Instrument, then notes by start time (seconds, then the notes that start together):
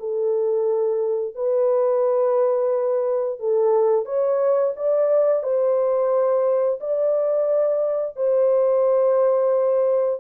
horn
0.00 A4
1.35 B4
3.40 A4
4.05 C#5
4.76 D5
5.43 C5
6.80 D5
8.16 C5